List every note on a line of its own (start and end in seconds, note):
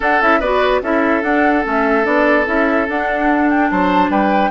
0.00 0.20 D4
0.00 0.21 D4
0.00 0.39 A4
0.00 0.22 F#5
0.20 0.40 C#4
0.20 0.41 E4
0.20 0.40 E5
0.39 0.81 B3
0.39 0.82 F#4
0.39 0.80 B4
0.39 0.82 D5
0.82 1.23 C#4
0.82 1.23 E4
0.82 3.71 A4
0.82 1.22 E5
1.22 1.63 D4
1.22 1.64 D4
1.22 1.64 F#5
1.63 2.06 A3
1.63 2.03 C#4
1.63 2.05 E5
2.03 2.46 B3
2.03 2.44 D4
2.03 2.46 D5
2.45 2.87 C#4
2.45 2.86 E4
2.45 2.88 E5
2.88 3.70 D4
2.88 4.50 D4
2.88 3.49 F#5
3.49 3.70 G5
3.71 4.09 F#3
3.71 4.10 C5
3.71 4.11 A5
4.09 4.50 G3
4.09 4.50 B4
4.09 4.50 G5